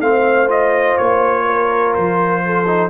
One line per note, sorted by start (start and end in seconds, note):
0.00 0.97 A3
0.00 0.48 C4
0.00 1.46 C5
0.00 0.49 F5
0.48 2.66 F4
0.48 0.97 D#5
0.97 1.97 A#3
0.97 1.94 C#5
1.46 2.43 A#4
1.94 2.90 F3
1.94 2.90 C5
2.46 2.90 A4
2.67 2.90 D#4